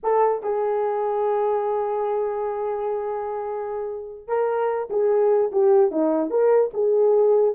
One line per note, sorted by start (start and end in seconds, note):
0.03 0.42 A4
0.42 4.27 G#4
4.27 4.88 A#4
4.90 5.51 G#4
5.52 5.91 G4
5.91 6.30 D#4
6.30 6.71 A#4
6.73 7.55 G#4